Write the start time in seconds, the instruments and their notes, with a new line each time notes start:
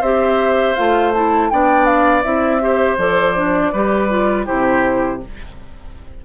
0.00 bassoon C4, clarinet G4, oboe C5, flute E5
0.75 bassoon A3, clarinet F4, flute F5
1.13 clarinet E4, flute A5
1.50 bassoon B3, clarinet D4, oboe D5, flute G5
1.85 flute F5
2.23 bassoon C4, clarinet E4, flute E5
2.60 clarinet G4, oboe C5
2.97 bassoon F3, clarinet A4, flute D5
3.35 clarinet D4
3.72 bassoon G3, clarinet G4, oboe B4
4.09 clarinet F4
4.45 bassoon C3, clarinet E4, oboe G4, flute C5